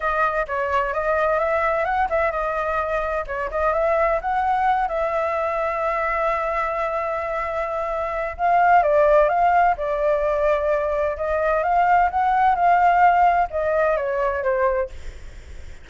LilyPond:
\new Staff \with { instrumentName = "flute" } { \time 4/4 \tempo 4 = 129 dis''4 cis''4 dis''4 e''4 | fis''8 e''8 dis''2 cis''8 dis''8 | e''4 fis''4. e''4.~ | e''1~ |
e''2 f''4 d''4 | f''4 d''2. | dis''4 f''4 fis''4 f''4~ | f''4 dis''4 cis''4 c''4 | }